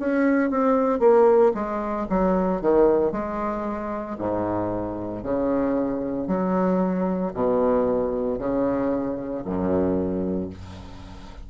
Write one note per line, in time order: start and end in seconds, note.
0.00 0.50 C#4
0.50 1.00 C4
1.00 1.53 A#3
1.55 2.07 G#3
2.10 2.62 F#3
2.62 3.12 D#3
3.12 4.18 G#3
4.19 5.23 G#2
5.23 6.28 C#3
6.28 7.33 F#3
7.34 8.39 B2
8.39 9.44 C#3
9.45 10.50 F#2